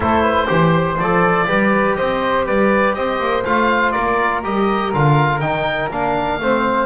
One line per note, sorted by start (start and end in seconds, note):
0.00 0.47 A3
0.00 0.47 E4
0.00 0.22 A4
0.00 0.99 C5
0.22 0.47 B4
0.47 0.98 E3
0.47 0.96 G4
0.47 1.46 C5
0.98 1.47 F3
0.98 1.46 A4
0.98 1.96 D5
1.46 1.98 G3
1.46 3.42 G4
1.46 1.96 B4
1.96 2.48 C4
1.96 2.45 C5
1.96 2.45 D#5
2.45 2.95 G3
2.45 2.95 B4
2.45 2.94 D5
2.94 3.19 C4
2.94 3.92 C5
2.94 3.43 D#5
3.19 3.44 A#3
3.44 3.94 A3
3.44 4.43 F4
3.44 3.91 F5
3.91 4.44 A#3
3.91 6.38 A#4
3.91 4.40 D5
4.43 4.93 G3
4.43 4.92 G4
4.43 4.93 D#5
4.93 5.41 D3
4.93 5.41 F4
4.93 5.40 F5
5.40 5.90 D#3
5.40 5.90 D#4
5.40 5.89 G5
5.90 6.39 A#3
5.90 6.40 D4
5.90 6.86 F5
6.39 6.86 A3
6.39 6.86 C4
6.39 6.86 C5